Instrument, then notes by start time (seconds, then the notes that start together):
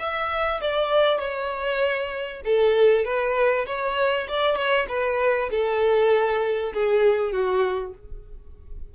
violin
0.00 E5
0.62 D5
1.20 C#5
2.45 A4
3.05 B4
3.67 C#5
4.29 D5
4.56 C#5
4.89 B4
5.51 A4
6.74 G#4
7.32 F#4